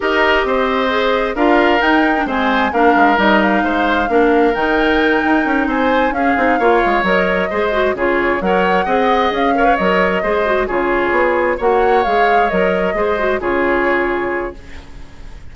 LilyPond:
<<
  \new Staff \with { instrumentName = "flute" } { \time 4/4 \tempo 4 = 132 dis''2. f''4 | g''4 gis''4 f''4 dis''8 f''8~ | f''2 g''2~ | g''8 gis''4 f''2 dis''8~ |
dis''4. cis''4 fis''4.~ | fis''8 f''4 dis''2 cis''8~ | cis''4. fis''4 f''4 dis''8~ | dis''4. cis''2~ cis''8 | }
  \new Staff \with { instrumentName = "oboe" } { \time 4/4 ais'4 c''2 ais'4~ | ais'4 c''4 ais'2 | c''4 ais'2.~ | ais'8 c''4 gis'4 cis''4.~ |
cis''8 c''4 gis'4 cis''4 dis''8~ | dis''4 cis''4. c''4 gis'8~ | gis'4. cis''2~ cis''8~ | cis''8 c''4 gis'2~ gis'8 | }
  \new Staff \with { instrumentName = "clarinet" } { \time 4/4 g'2 gis'4 f'4 | dis'8. d'16 c'4 d'4 dis'4~ | dis'4 d'4 dis'2~ | dis'4. cis'8 dis'8 f'4 ais'8~ |
ais'8 gis'8 fis'8 f'4 ais'4 gis'8~ | gis'4 ais'16 b'16 ais'4 gis'8 fis'8 f'8~ | f'4. fis'4 gis'4 ais'8~ | ais'8 gis'8 fis'8 f'2~ f'8 | }
  \new Staff \with { instrumentName = "bassoon" } { \time 4/4 dis'4 c'2 d'4 | dis'4 gis4 ais8 gis8 g4 | gis4 ais4 dis4. dis'8 | cis'8 c'4 cis'8 c'8 ais8 gis8 fis8~ |
fis8 gis4 cis4 fis4 c'8~ | c'8 cis'4 fis4 gis4 cis8~ | cis8 b4 ais4 gis4 fis8~ | fis8 gis4 cis2~ cis8 | }
>>